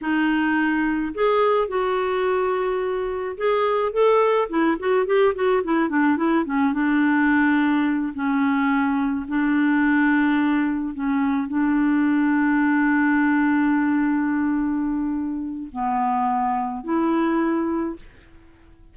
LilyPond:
\new Staff \with { instrumentName = "clarinet" } { \time 4/4 \tempo 4 = 107 dis'2 gis'4 fis'4~ | fis'2 gis'4 a'4 | e'8 fis'8 g'8 fis'8 e'8 d'8 e'8 cis'8 | d'2~ d'8 cis'4.~ |
cis'8 d'2. cis'8~ | cis'8 d'2.~ d'8~ | d'1 | b2 e'2 | }